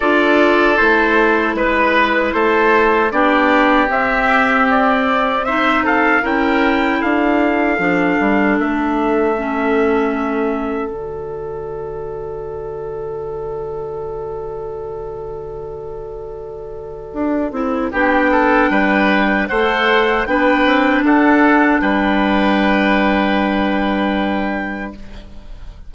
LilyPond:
<<
  \new Staff \with { instrumentName = "trumpet" } { \time 4/4 \tempo 4 = 77 d''4 c''4 b'4 c''4 | d''4 e''4 d''4 e''8 f''8 | g''4 f''2 e''4~ | e''2 d''2~ |
d''1~ | d''2. g''4~ | g''4 fis''4 g''4 fis''4 | g''1 | }
  \new Staff \with { instrumentName = "oboe" } { \time 4/4 a'2 b'4 a'4 | g'2. c''8 a'8 | ais'4 a'2.~ | a'1~ |
a'1~ | a'2. g'8 a'8 | b'4 c''4 b'4 a'4 | b'1 | }
  \new Staff \with { instrumentName = "clarinet" } { \time 4/4 f'4 e'2. | d'4 c'2 dis'4 | e'2 d'2 | cis'2 fis'2~ |
fis'1~ | fis'2~ fis'8 e'8 d'4~ | d'4 a'4 d'2~ | d'1 | }
  \new Staff \with { instrumentName = "bassoon" } { \time 4/4 d'4 a4 gis4 a4 | b4 c'2. | cis'4 d'4 f8 g8 a4~ | a2 d2~ |
d1~ | d2 d'8 c'8 b4 | g4 a4 b8 c'8 d'4 | g1 | }
>>